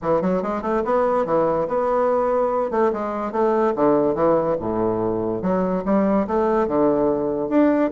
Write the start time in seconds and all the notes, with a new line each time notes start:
0.02 E3
0.21 F#3
0.42 G#3
0.62 A3
0.84 B3
1.25 E3
1.68 B3
2.70 A3
2.92 G#3
3.31 A3
3.75 D3
4.14 E3
4.60 A2
5.42 F#3
5.85 G3
6.27 A3
6.67 D3
7.49 D4